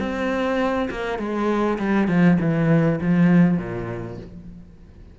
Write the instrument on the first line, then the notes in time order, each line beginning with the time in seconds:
cello
0.00 C4
0.90 A#3
1.19 G#3
1.79 G3
2.08 F3
2.40 E3
3.01 F3
3.58 A#2